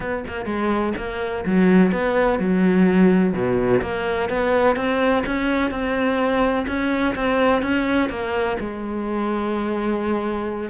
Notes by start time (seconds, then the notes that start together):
0.00 B3
0.27 A#3
0.45 G#3
0.97 A#3
1.45 F#3
1.92 B3
2.39 F#3
3.33 B2
3.81 A#3
4.29 B3
4.76 C4
5.26 C#4
5.70 C4
6.67 C#4
7.15 C4
7.61 C#4
8.09 A#3
8.60 G#3